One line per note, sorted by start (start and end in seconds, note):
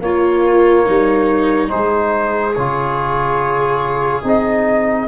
0.00 0.85 A#3
0.00 1.68 A#3
0.00 0.85 F4
0.00 1.69 C#5
0.85 1.72 G3
0.85 1.70 D#4
1.68 2.56 G#3
1.68 2.52 D#4
1.68 5.07 G#4
1.68 2.54 C5
2.54 4.23 C#3
2.54 4.22 F4
2.54 4.23 C#5
4.22 5.07 C4
4.22 5.07 D#4
4.22 5.07 D#5